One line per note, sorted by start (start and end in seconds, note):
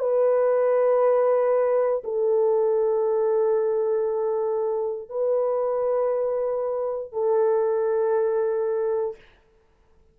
0.00 2.03 B4
2.04 5.09 A4
5.10 7.13 B4
7.13 9.16 A4